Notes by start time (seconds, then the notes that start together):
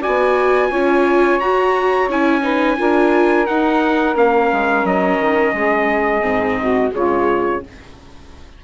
0.00 F#4 D5 G#5
0.07 B3
0.70 C#4 F4 C#5
1.40 F#4 A#5
2.09 C#4 E4 G#5
2.42 D#4 B4
2.77 D4 F4 A#4
3.46 D#4 F#5
4.15 A#3 C#4 F5
4.52 G#3
4.84 F#3 D#5
5.20 D#3
5.53 G#3 G#4
6.21 G#2 C4
6.61 F#4
6.91 C#3 G#3 F4 C#5